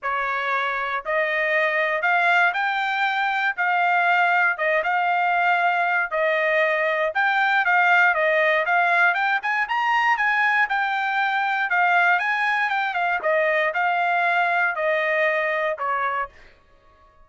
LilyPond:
\new Staff \with { instrumentName = "trumpet" } { \time 4/4 \tempo 4 = 118 cis''2 dis''2 | f''4 g''2 f''4~ | f''4 dis''8 f''2~ f''8 | dis''2 g''4 f''4 |
dis''4 f''4 g''8 gis''8 ais''4 | gis''4 g''2 f''4 | gis''4 g''8 f''8 dis''4 f''4~ | f''4 dis''2 cis''4 | }